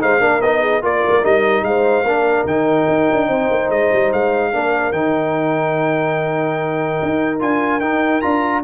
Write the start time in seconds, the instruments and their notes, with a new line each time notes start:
0.00 tuba G#3, trombone D#4, horn C5, trumpet F5
0.20 tuba A#3, trombone D4, horn A#4
0.42 tuba B3, trombone D#4, trumpet D#5
0.61 horn G#4
0.82 tuba A#3, trombone F4, horn A#4, trumpet D5
1.08 tuba G#3 A#3
1.23 tuba G3, trombone D#4, trumpet D#5
1.62 tuba G#3, horn C5, trumpet F5
2.04 tuba A#3, trombone D4, horn A#4
2.45 tuba D#3, trombone D#4, trumpet G5
2.89 tuba D#4
3.12 tuba D4
3.27 tuba C4, horn C5
3.50 tuba A#3
3.70 tuba G#3, trumpet D#5
3.93 tuba G3
4.13 tuba G#3, trumpet F5
4.53 tuba A#3, trombone D4, horn A#4
4.92 tuba D#3, trombone D#4, trumpet G5
7.02 tuba D#4
7.40 tuba D4, trombone F4, trumpet G#5
7.80 tuba D#4, trombone D#4, trumpet G5
8.21 tuba D4, trombone F4, trumpet A#5